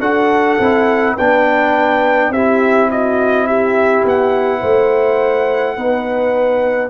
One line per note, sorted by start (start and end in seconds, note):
0.00 0.58 D4
0.00 0.59 F#4
0.00 1.15 A4
0.00 1.16 F#5
0.59 1.17 C4
0.59 1.18 E4
1.16 2.30 B3
1.16 2.34 D4
1.16 2.31 B4
1.16 2.32 G5
2.30 4.03 C4
2.30 5.78 E4
2.30 2.90 G4
2.30 2.90 E5
2.91 3.48 F#4
2.91 3.47 D#5
3.47 4.60 G4
3.47 4.05 E5
4.05 4.62 B3
4.05 6.90 F#5
4.60 5.77 A3
4.60 5.75 C5
5.76 6.90 B3
5.76 6.90 D#4
5.76 6.90 B4